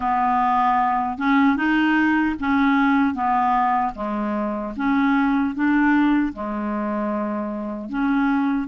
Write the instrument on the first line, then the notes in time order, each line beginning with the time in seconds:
clarinet
0.00 B3
1.18 C#4
1.56 D#4
2.39 C#4
3.14 B3
3.95 G#3
4.76 C#4
5.54 D4
6.33 G#3
7.89 C#4